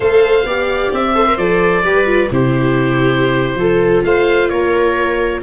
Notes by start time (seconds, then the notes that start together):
0.00 A3 A4 C5 F5
0.44 B3 G4 D5
0.92 C4 E5
1.14 A4 C5
1.26 A#4
1.37 F3 A4 D5
1.83 G3 G4 B4
2.05 F4
2.30 C3 E4 G4 C5
3.55 F3 F4 A4
4.03 A3 C5 F5
4.49 A#3 A#4 C#5